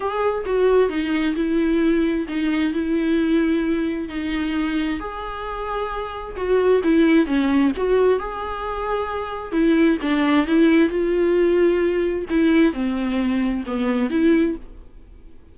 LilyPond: \new Staff \with { instrumentName = "viola" } { \time 4/4 \tempo 4 = 132 gis'4 fis'4 dis'4 e'4~ | e'4 dis'4 e'2~ | e'4 dis'2 gis'4~ | gis'2 fis'4 e'4 |
cis'4 fis'4 gis'2~ | gis'4 e'4 d'4 e'4 | f'2. e'4 | c'2 b4 e'4 | }